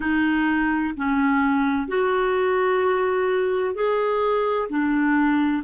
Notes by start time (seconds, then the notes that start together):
0.00 D#4
0.96 C#4
1.87 F#4
3.75 G#4
4.69 D4